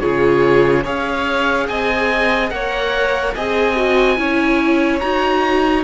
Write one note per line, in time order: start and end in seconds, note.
0.00 0.86 C#3
0.00 0.84 F4
0.00 0.84 G#4
0.00 0.83 C#5
0.84 1.69 C#4
0.84 2.50 G#4
0.84 1.67 C#5
0.84 1.69 F5
1.69 2.52 C4
1.69 2.53 D#5
1.69 2.51 G#5
2.50 3.35 A#3
2.50 3.34 A#4
2.50 3.35 C#5
2.50 3.34 F#5
3.35 4.19 C4
3.35 3.76 G#4
3.35 4.19 D#5
3.35 5.01 G#5
3.76 4.17 F#4
4.17 5.02 C#4
4.17 5.01 E4
4.17 5.85 C#5
5.01 5.85 D#4
5.01 5.85 F#4
5.01 5.84 A#5